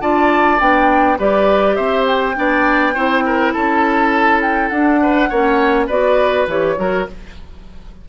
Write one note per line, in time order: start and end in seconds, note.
0.00 0.60 D4
0.00 0.59 F4
0.00 1.18 D5
0.00 0.59 A5
0.59 1.19 B3
0.59 1.17 D4
0.59 1.19 G5
1.18 1.77 G3
1.18 2.34 G4
1.18 1.76 B4
1.18 1.75 D5
1.75 2.36 C4
1.75 2.35 C5
1.75 2.05 E5
2.07 3.53 G5
2.34 2.95 B3
2.34 2.93 D4
2.34 2.94 D5
2.94 3.54 C4
2.94 4.72 E4
2.94 3.23 C5
3.25 3.53 A#4
3.53 4.71 C#4
3.53 5.00 A4
3.53 4.41 A5
4.41 4.68 G5
4.68 5.30 D4
4.68 5.31 D4
4.68 5.86 F#5
5.02 5.29 B4
5.29 5.88 A#3
5.29 5.89 C#4
5.29 5.87 C#5
5.87 6.47 B3
5.87 6.48 F#4
5.87 6.75 B4
5.87 6.47 D5
6.47 6.76 E3
6.47 6.76 G4
6.47 7.08 C#5
6.76 7.07 F#3
6.76 7.05 F#4
6.76 7.09 A#4